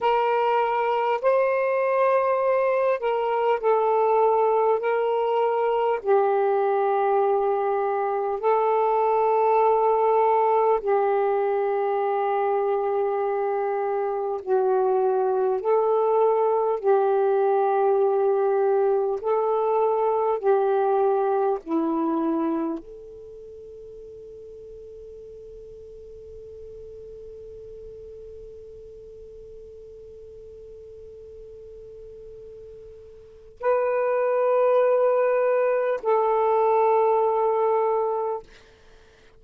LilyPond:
\new Staff \with { instrumentName = "saxophone" } { \time 4/4 \tempo 4 = 50 ais'4 c''4. ais'8 a'4 | ais'4 g'2 a'4~ | a'4 g'2. | fis'4 a'4 g'2 |
a'4 g'4 e'4 a'4~ | a'1~ | a'1 | b'2 a'2 | }